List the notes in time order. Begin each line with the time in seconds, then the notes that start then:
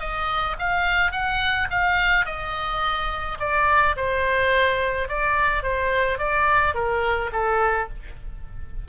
0.00 D#5
0.59 F5
1.11 F#5
1.70 F5
2.26 D#5
3.40 D5
3.96 C5
5.08 D5
5.63 C5
6.18 D5
6.74 A#4
7.32 A4